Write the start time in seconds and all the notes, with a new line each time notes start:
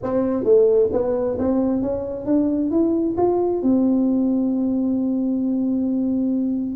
0.02 C4
0.43 A3
0.92 B3
1.38 C4
1.81 C#4
2.25 D4
2.70 E4
3.17 F4
3.62 C4